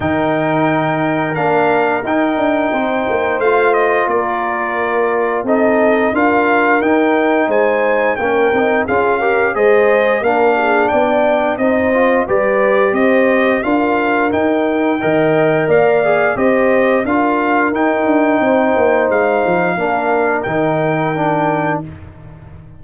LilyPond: <<
  \new Staff \with { instrumentName = "trumpet" } { \time 4/4 \tempo 4 = 88 g''2 f''4 g''4~ | g''4 f''8 dis''8 d''2 | dis''4 f''4 g''4 gis''4 | g''4 f''4 dis''4 f''4 |
g''4 dis''4 d''4 dis''4 | f''4 g''2 f''4 | dis''4 f''4 g''2 | f''2 g''2 | }
  \new Staff \with { instrumentName = "horn" } { \time 4/4 ais'1 | c''2 ais'2 | a'4 ais'2 c''4 | ais'4 gis'8 ais'8 c''4 ais'8 gis'8 |
d''4 c''4 b'4 c''4 | ais'2 dis''4 d''4 | c''4 ais'2 c''4~ | c''4 ais'2. | }
  \new Staff \with { instrumentName = "trombone" } { \time 4/4 dis'2 d'4 dis'4~ | dis'4 f'2. | dis'4 f'4 dis'2 | cis'8 dis'8 f'8 g'8 gis'4 d'4~ |
d'4 dis'8 f'8 g'2 | f'4 dis'4 ais'4. gis'8 | g'4 f'4 dis'2~ | dis'4 d'4 dis'4 d'4 | }
  \new Staff \with { instrumentName = "tuba" } { \time 4/4 dis2 ais4 dis'8 d'8 | c'8 ais8 a4 ais2 | c'4 d'4 dis'4 gis4 | ais8 c'8 cis'4 gis4 ais4 |
b4 c'4 g4 c'4 | d'4 dis'4 dis4 ais4 | c'4 d'4 dis'8 d'8 c'8 ais8 | gis8 f8 ais4 dis2 | }
>>